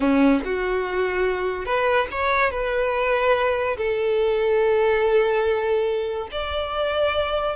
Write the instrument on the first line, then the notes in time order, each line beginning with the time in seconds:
violin
0.00 C#4
0.44 F#4
1.65 B4
2.11 C#5
2.50 B4
3.77 A4
6.31 D5